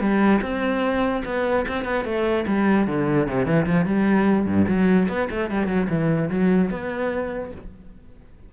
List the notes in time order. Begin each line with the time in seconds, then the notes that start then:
0.00 G3
0.41 C4
1.24 B3
1.68 C4
1.84 B3
2.04 A3
2.46 G3
2.87 D3
3.27 C3
3.45 E3
3.65 F3
3.85 G3
4.46 G2
4.67 F#3
5.08 B3
5.30 A3
5.50 G3
5.67 F#3
5.89 E3
6.29 F#3
6.70 B3